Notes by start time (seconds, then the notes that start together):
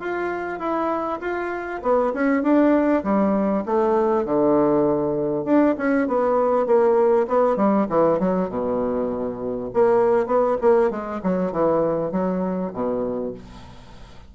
0.00 F4
0.60 E4
1.21 F4
1.83 B3
2.14 C#4
2.43 D4
3.04 G3
3.66 A3
4.25 D3
5.45 D4
5.78 C#4
6.08 B3
6.67 A#3
7.28 B3
7.57 G3
7.90 E3
8.19 F#3
8.50 B2
9.74 A#3
10.27 B3
10.62 A#3
10.91 G#3
11.24 F#3
11.52 E3
12.12 F#3
12.74 B2